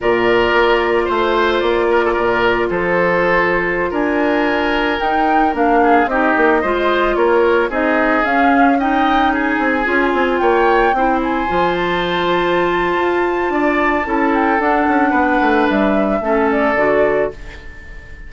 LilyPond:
<<
  \new Staff \with { instrumentName = "flute" } { \time 4/4 \tempo 4 = 111 d''2 c''4 d''4~ | d''4 c''2~ c''16 gis''8.~ | gis''4~ gis''16 g''4 f''4 dis''8.~ | dis''4~ dis''16 cis''4 dis''4 f''8.~ |
f''16 g''4 gis''2 g''8.~ | g''8. gis''4 a''2~ a''16~ | a''2~ a''8 g''8 fis''4~ | fis''4 e''4. d''4. | }
  \new Staff \with { instrumentName = "oboe" } { \time 4/4 ais'2 c''4. ais'16 a'16 | ais'4 a'2~ a'16 ais'8.~ | ais'2~ ais'8. gis'8 g'8.~ | g'16 c''4 ais'4 gis'4.~ gis'16~ |
gis'16 dis''4 gis'2 cis''8.~ | cis''16 c''2.~ c''8.~ | c''4 d''4 a'2 | b'2 a'2 | }
  \new Staff \with { instrumentName = "clarinet" } { \time 4/4 f'1~ | f'1~ | f'4~ f'16 dis'4 d'4 dis'8.~ | dis'16 f'2 dis'4 cis'8.~ |
cis'16 dis'2 f'4.~ f'16~ | f'16 e'4 f'2~ f'8.~ | f'2 e'4 d'4~ | d'2 cis'4 fis'4 | }
  \new Staff \with { instrumentName = "bassoon" } { \time 4/4 ais,4 ais4 a4 ais4 | ais,4 f2~ f16 d'8.~ | d'4~ d'16 dis'4 ais4 c'8 ais16~ | ais16 gis4 ais4 c'4 cis'8.~ |
cis'4.~ cis'16 c'8 cis'8 c'8 ais8.~ | ais16 c'4 f2~ f8. | f'4 d'4 cis'4 d'8 cis'8 | b8 a8 g4 a4 d4 | }
>>